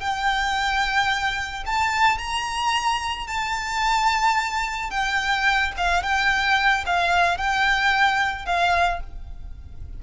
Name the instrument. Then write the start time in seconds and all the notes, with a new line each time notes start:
violin
0.00 G5
1.66 A5
2.18 A#5
3.27 A5
4.90 G5
5.77 F5
6.03 G5
6.86 F5
7.38 G5
8.46 F5